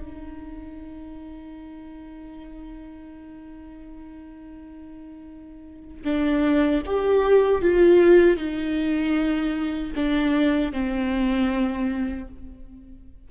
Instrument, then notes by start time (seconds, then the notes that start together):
viola
0.00 D#4
6.05 D4
6.86 G4
7.62 F4
8.37 D#4
9.95 D4
10.72 C4